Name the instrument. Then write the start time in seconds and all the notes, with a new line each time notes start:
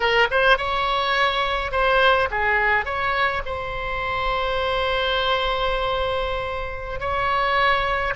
oboe
0.00 A#4
0.30 C5
0.57 C#5
1.71 C5
2.30 G#4
2.85 C#5
3.45 C5
6.99 C#5